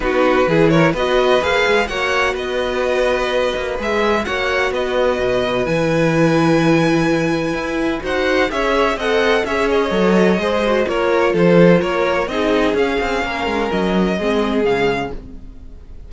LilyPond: <<
  \new Staff \with { instrumentName = "violin" } { \time 4/4 \tempo 4 = 127 b'4. cis''8 dis''4 f''4 | fis''4 dis''2. | e''4 fis''4 dis''2 | gis''1~ |
gis''4 fis''4 e''4 fis''4 | e''8 dis''2~ dis''8 cis''4 | c''4 cis''4 dis''4 f''4~ | f''4 dis''2 f''4 | }
  \new Staff \with { instrumentName = "violin" } { \time 4/4 fis'4 gis'8 ais'8 b'2 | cis''4 b'2.~ | b'4 cis''4 b'2~ | b'1~ |
b'4 c''4 cis''4 dis''4 | cis''2 c''4 ais'4 | a'4 ais'4 gis'2 | ais'2 gis'2 | }
  \new Staff \with { instrumentName = "viola" } { \time 4/4 dis'4 e'4 fis'4 gis'4 | fis'1 | gis'4 fis'2. | e'1~ |
e'4 fis'4 gis'4 a'4 | gis'4 a'4 gis'8 fis'8 f'4~ | f'2 dis'4 cis'4~ | cis'2 c'4 gis4 | }
  \new Staff \with { instrumentName = "cello" } { \time 4/4 b4 e4 b4 ais8 gis8 | ais4 b2~ b8 ais8 | gis4 ais4 b4 b,4 | e1 |
e'4 dis'4 cis'4 c'4 | cis'4 fis4 gis4 ais4 | f4 ais4 c'4 cis'8 c'8 | ais8 gis8 fis4 gis4 cis4 | }
>>